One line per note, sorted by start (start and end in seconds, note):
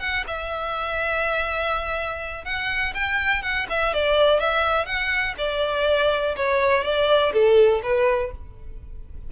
0.00 0.24 F#5
0.27 2.45 E5
2.45 2.94 F#5
2.94 3.42 G5
3.42 3.67 F#5
3.70 3.94 E5
3.94 4.40 D5
4.40 4.86 E5
4.86 5.35 F#5
5.38 6.35 D5
6.36 6.84 C#5
6.84 7.33 D5
7.33 7.82 A4
7.83 8.32 B4